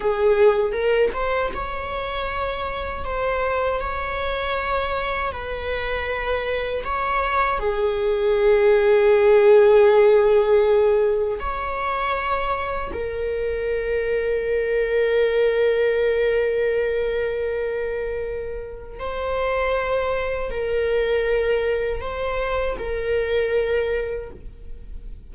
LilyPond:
\new Staff \with { instrumentName = "viola" } { \time 4/4 \tempo 4 = 79 gis'4 ais'8 c''8 cis''2 | c''4 cis''2 b'4~ | b'4 cis''4 gis'2~ | gis'2. cis''4~ |
cis''4 ais'2.~ | ais'1~ | ais'4 c''2 ais'4~ | ais'4 c''4 ais'2 | }